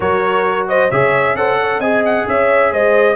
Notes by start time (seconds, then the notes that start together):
0.00 F#3 F#4 A#4 C#5
0.68 C5 D#5
0.90 C#3 G#4 C#5 E5
1.34 C#4 A4 C5 F#5
1.60 C#5
1.78 C4 G#4 D#5 G#5
2.05 F#5
2.27 C#4 C#5 E5
2.71 G#3 C5 D#5